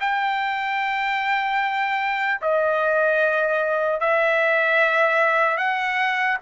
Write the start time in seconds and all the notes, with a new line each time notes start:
0.00 G5
2.41 D#5
4.00 E5
5.57 F#5